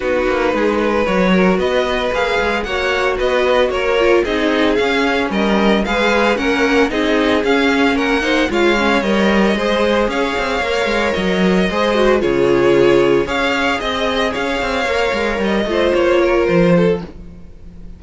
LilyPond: <<
  \new Staff \with { instrumentName = "violin" } { \time 4/4 \tempo 4 = 113 b'2 cis''4 dis''4 | f''4 fis''4 dis''4 cis''4 | dis''4 f''4 dis''4 f''4 | fis''4 dis''4 f''4 fis''4 |
f''4 dis''2 f''4~ | f''4 dis''2 cis''4~ | cis''4 f''4 dis''4 f''4~ | f''4 dis''4 cis''4 c''4 | }
  \new Staff \with { instrumentName = "violin" } { \time 4/4 fis'4 gis'8 b'4 ais'8 b'4~ | b'4 cis''4 b'4 ais'4 | gis'2 ais'4 b'4 | ais'4 gis'2 ais'8 c''8 |
cis''2 c''4 cis''4~ | cis''2 c''4 gis'4~ | gis'4 cis''4 dis''4 cis''4~ | cis''4. c''4 ais'4 a'8 | }
  \new Staff \with { instrumentName = "viola" } { \time 4/4 dis'2 fis'2 | gis'4 fis'2~ fis'8 f'8 | dis'4 cis'2 gis'4 | cis'4 dis'4 cis'4. dis'8 |
f'8 cis'8 ais'4 gis'2 | ais'2 gis'8 fis'8 f'4~ | f'4 gis'2. | ais'4. f'2~ f'8 | }
  \new Staff \with { instrumentName = "cello" } { \time 4/4 b8 ais8 gis4 fis4 b4 | ais8 gis8 ais4 b4 ais4 | c'4 cis'4 g4 gis4 | ais4 c'4 cis'4 ais4 |
gis4 g4 gis4 cis'8 c'8 | ais8 gis8 fis4 gis4 cis4~ | cis4 cis'4 c'4 cis'8 c'8 | ais8 gis8 g8 a8 ais4 f4 | }
>>